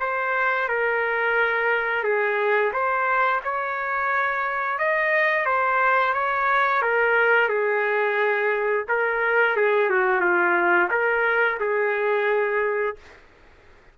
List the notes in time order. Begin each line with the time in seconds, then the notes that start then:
0.00 C5
0.68 A#4
2.04 G#4
2.72 C5
3.44 C#5
4.78 D#5
5.45 C5
6.14 C#5
6.82 A#4
7.49 G#4
8.88 A#4
9.56 G#4
9.90 F#4
10.21 F4
10.91 A#4
11.60 G#4